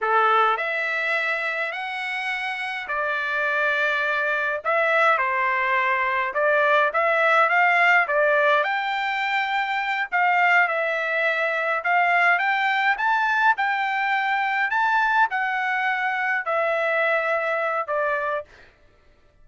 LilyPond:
\new Staff \with { instrumentName = "trumpet" } { \time 4/4 \tempo 4 = 104 a'4 e''2 fis''4~ | fis''4 d''2. | e''4 c''2 d''4 | e''4 f''4 d''4 g''4~ |
g''4. f''4 e''4.~ | e''8 f''4 g''4 a''4 g''8~ | g''4. a''4 fis''4.~ | fis''8 e''2~ e''8 d''4 | }